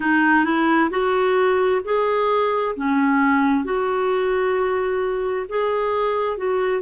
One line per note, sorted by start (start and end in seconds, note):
0.00 0.44 D#4
0.44 0.90 E4
0.90 1.81 F#4
1.84 2.75 G#4
2.76 3.64 C#4
3.64 5.46 F#4
5.48 6.37 G#4
6.37 6.81 F#4